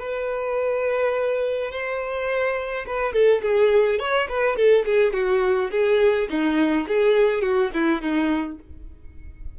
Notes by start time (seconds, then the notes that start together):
0.00 B4
1.72 C5
2.87 B4
3.14 A4
3.43 G#4
4.00 C#5
4.29 B4
4.57 A4
4.86 G#4
5.14 F#4
5.71 G#4
6.30 D#4
6.88 G#4
7.43 F#4
7.74 E4
8.02 D#4